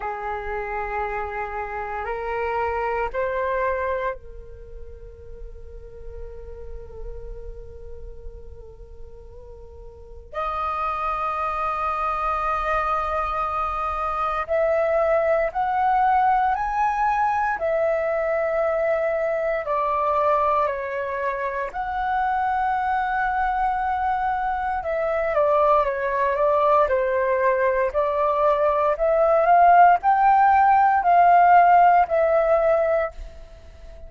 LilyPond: \new Staff \with { instrumentName = "flute" } { \time 4/4 \tempo 4 = 58 gis'2 ais'4 c''4 | ais'1~ | ais'2 dis''2~ | dis''2 e''4 fis''4 |
gis''4 e''2 d''4 | cis''4 fis''2. | e''8 d''8 cis''8 d''8 c''4 d''4 | e''8 f''8 g''4 f''4 e''4 | }